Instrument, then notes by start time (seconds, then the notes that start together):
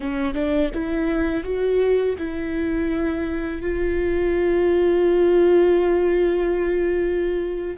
viola
0.00 C#4
0.34 D4
0.73 E4
1.43 F#4
2.18 E4
3.61 F4